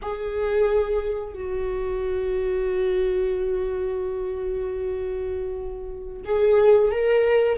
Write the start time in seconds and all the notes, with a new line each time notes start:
0.02 G#4
1.33 F#4
6.24 G#4
6.91 A#4